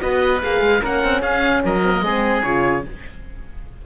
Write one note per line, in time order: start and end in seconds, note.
0.00 0.43 B3
0.00 0.40 F#4
0.00 0.82 B4
0.00 0.42 D#5
0.43 0.61 A#3
0.43 0.81 G#4
0.43 0.84 F5
0.61 0.81 G#3
0.81 1.04 A#3
0.81 1.81 C#4
0.81 1.21 A#4
0.81 1.22 F#5
1.04 1.22 C4
1.21 1.63 C#4
1.21 1.61 G#4
1.21 1.62 F5
1.65 2.01 F#3
1.65 2.05 A#4
1.65 2.43 D#5
1.84 1.93 C4
1.93 2.03 A#3
2.01 2.42 G#3
2.01 2.45 C4
2.01 2.85 G#4
2.43 2.86 C#3
2.43 2.85 F4
2.43 2.83 C#5